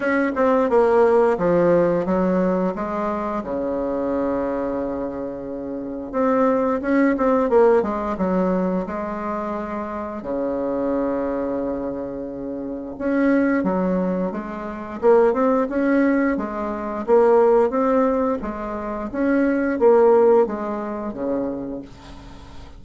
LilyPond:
\new Staff \with { instrumentName = "bassoon" } { \time 4/4 \tempo 4 = 88 cis'8 c'8 ais4 f4 fis4 | gis4 cis2.~ | cis4 c'4 cis'8 c'8 ais8 gis8 | fis4 gis2 cis4~ |
cis2. cis'4 | fis4 gis4 ais8 c'8 cis'4 | gis4 ais4 c'4 gis4 | cis'4 ais4 gis4 cis4 | }